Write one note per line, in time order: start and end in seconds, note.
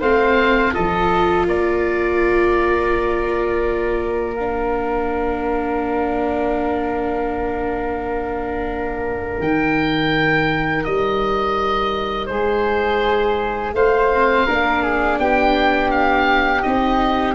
0.00 0.73 A3
0.00 0.74 C4
0.00 0.72 C5
0.00 0.74 F5
0.74 1.46 F3
0.74 4.35 F4
0.74 1.46 A4
0.74 1.47 D#5
1.46 9.39 A#3
1.46 12.30 A#4
1.46 4.35 D5
4.35 9.43 D4
4.35 9.41 F5
9.39 10.84 D#3
9.39 14.13 D#4
9.39 10.84 G5
10.84 12.29 G3
10.84 12.27 D#5
12.27 13.73 G#3
12.27 13.75 G#4
12.27 13.71 C5
13.73 14.45 A3
13.73 14.46 C5
13.73 15.19 F5
14.13 14.48 C4
14.46 15.18 A#3
14.46 16.64 D4
14.46 14.83 A#4
14.83 15.19 G#4
15.18 16.63 B3
15.18 17.35 G4
15.18 15.91 G5
15.91 16.62 F5
16.62 17.35 C4
16.62 17.35 D#4
16.62 17.34 D#5